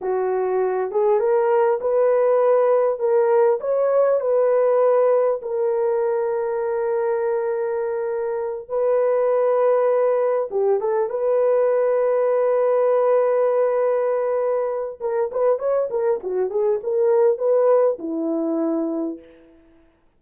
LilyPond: \new Staff \with { instrumentName = "horn" } { \time 4/4 \tempo 4 = 100 fis'4. gis'8 ais'4 b'4~ | b'4 ais'4 cis''4 b'4~ | b'4 ais'2.~ | ais'2~ ais'8 b'4.~ |
b'4. g'8 a'8 b'4.~ | b'1~ | b'4 ais'8 b'8 cis''8 ais'8 fis'8 gis'8 | ais'4 b'4 e'2 | }